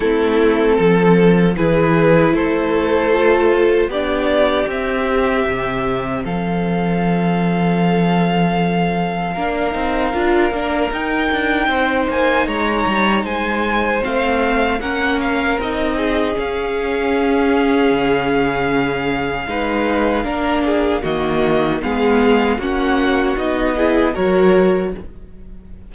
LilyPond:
<<
  \new Staff \with { instrumentName = "violin" } { \time 4/4 \tempo 4 = 77 a'2 b'4 c''4~ | c''4 d''4 e''2 | f''1~ | f''2 g''4. gis''8 |
ais''4 gis''4 f''4 fis''8 f''8 | dis''4 f''2.~ | f''2. dis''4 | f''4 fis''4 dis''4 cis''4 | }
  \new Staff \with { instrumentName = "violin" } { \time 4/4 e'4 a'4 gis'4 a'4~ | a'4 g'2. | a'1 | ais'2. c''4 |
cis''4 c''2 ais'4~ | ais'8 gis'2.~ gis'8~ | gis'4 b'4 ais'8 gis'8 fis'4 | gis'4 fis'4. gis'8 ais'4 | }
  \new Staff \with { instrumentName = "viola" } { \time 4/4 c'2 e'2 | f'4 d'4 c'2~ | c'1 | d'8 dis'8 f'8 d'8 dis'2~ |
dis'2 c'4 cis'4 | dis'4 cis'2.~ | cis'4 dis'4 d'4 ais4 | b4 cis'4 dis'8 e'8 fis'4 | }
  \new Staff \with { instrumentName = "cello" } { \time 4/4 a4 f4 e4 a4~ | a4 b4 c'4 c4 | f1 | ais8 c'8 d'8 ais8 dis'8 d'8 c'8 ais8 |
gis8 g8 gis4 a4 ais4 | c'4 cis'2 cis4~ | cis4 gis4 ais4 dis4 | gis4 ais4 b4 fis4 | }
>>